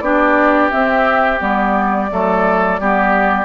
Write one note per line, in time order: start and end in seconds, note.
0.00 0.69 B3
0.00 0.70 D4
0.00 2.10 G4
0.00 0.69 D5
0.70 1.39 C4
0.70 1.41 C4
0.70 1.39 E5
1.39 2.10 G3
1.39 2.07 B3
1.39 3.45 D5
2.10 2.80 F#3
2.10 2.79 A3
2.10 2.80 A4
2.80 3.45 G3
2.80 3.45 B3
2.80 3.45 G4